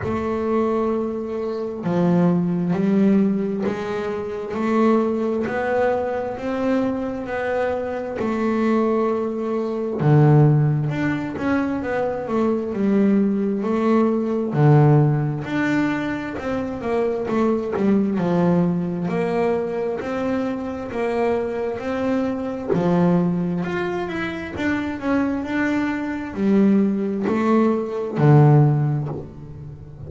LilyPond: \new Staff \with { instrumentName = "double bass" } { \time 4/4 \tempo 4 = 66 a2 f4 g4 | gis4 a4 b4 c'4 | b4 a2 d4 | d'8 cis'8 b8 a8 g4 a4 |
d4 d'4 c'8 ais8 a8 g8 | f4 ais4 c'4 ais4 | c'4 f4 f'8 e'8 d'8 cis'8 | d'4 g4 a4 d4 | }